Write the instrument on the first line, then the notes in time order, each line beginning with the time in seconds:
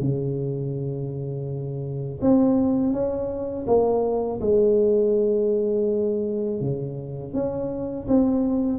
tuba
0.00 C#3
2.22 C4
2.93 C#4
3.67 A#3
4.41 G#3
6.61 C#3
7.34 C#4
8.08 C4